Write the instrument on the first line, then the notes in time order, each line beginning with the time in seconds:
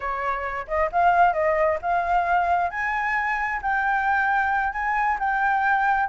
flute
0.00 C#5
0.67 D#5
0.91 F5
1.33 D#5
1.81 F5
2.70 G#5
3.62 G5
4.72 G#5
5.19 G5